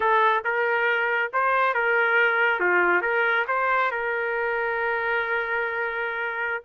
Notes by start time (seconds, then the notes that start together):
0.00 A4
0.44 A#4
1.33 C5
1.74 A#4
2.60 F4
3.01 A#4
3.47 C5
3.91 A#4